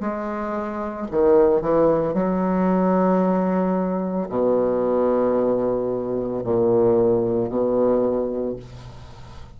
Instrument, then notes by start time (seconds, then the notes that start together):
bassoon
0.00 G#3
1.11 D#3
1.61 E3
2.13 F#3
4.29 B2
6.43 A#2
7.49 B2